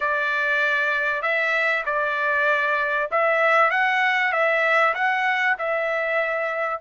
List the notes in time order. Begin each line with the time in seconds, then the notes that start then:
0.00 D5
1.22 E5
1.85 D5
3.11 E5
3.71 F#5
4.32 E5
4.94 F#5
5.58 E5